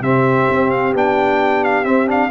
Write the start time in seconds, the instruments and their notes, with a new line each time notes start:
0.00 tuba C3, trombone C4, horn G4, trumpet E5
0.48 tuba C4
0.70 trumpet F5
0.93 tuba B3, trombone D4, trumpet G5
1.64 trumpet F5
1.84 trombone C4, tuba C4, trumpet E5
2.06 trombone D4, trumpet F5